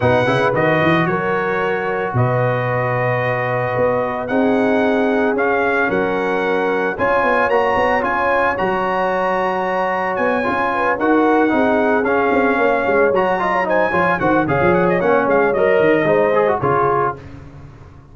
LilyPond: <<
  \new Staff \with { instrumentName = "trumpet" } { \time 4/4 \tempo 4 = 112 fis''4 dis''4 cis''2 | dis''1 | fis''2 f''4 fis''4~ | fis''4 gis''4 ais''4 gis''4 |
ais''2. gis''4~ | gis''8 fis''2 f''4.~ | f''8 ais''4 gis''4 fis''8 f''8 fis''16 dis''16 | fis''8 f''8 dis''2 cis''4 | }
  \new Staff \with { instrumentName = "horn" } { \time 4/4 b'2 ais'2 | b'1 | gis'2. ais'4~ | ais'4 cis''2.~ |
cis''1 | b'8 ais'4 gis'2 cis''8~ | cis''4 dis''16 cis''16 c''8 cis''8 c''8 cis''4~ | cis''2 c''4 gis'4 | }
  \new Staff \with { instrumentName = "trombone" } { \time 4/4 dis'8 e'8 fis'2.~ | fis'1 | dis'2 cis'2~ | cis'4 f'4 fis'4 f'4 |
fis'2.~ fis'8 f'8~ | f'8 fis'4 dis'4 cis'4.~ | cis'8 fis'8 f'8 dis'8 f'8 fis'8 gis'4 | cis'4 ais'4 dis'8 gis'16 fis'16 f'4 | }
  \new Staff \with { instrumentName = "tuba" } { \time 4/4 b,8 cis8 dis8 e8 fis2 | b,2. b4 | c'2 cis'4 fis4~ | fis4 cis'8 b8 ais8 b8 cis'4 |
fis2. b8 cis'8~ | cis'8 dis'4 c'4 cis'8 c'8 ais8 | gis8 fis4. f8 dis8 cis16 f8. | ais8 gis8 fis8 dis8 gis4 cis4 | }
>>